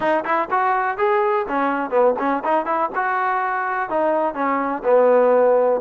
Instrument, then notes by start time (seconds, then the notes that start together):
trombone
0.00 D#4
0.24 E4
0.50 F#4
0.97 G#4
1.48 C#4
1.90 B3
2.19 C#4
2.44 D#4
2.65 E4
2.95 F#4
3.89 D#4
4.34 C#4
4.83 B3